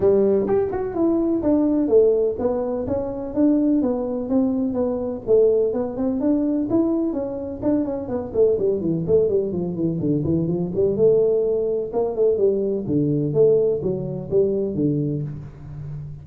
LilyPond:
\new Staff \with { instrumentName = "tuba" } { \time 4/4 \tempo 4 = 126 g4 g'8 fis'8 e'4 d'4 | a4 b4 cis'4 d'4 | b4 c'4 b4 a4 | b8 c'8 d'4 e'4 cis'4 |
d'8 cis'8 b8 a8 g8 e8 a8 g8 | f8 e8 d8 e8 f8 g8 a4~ | a4 ais8 a8 g4 d4 | a4 fis4 g4 d4 | }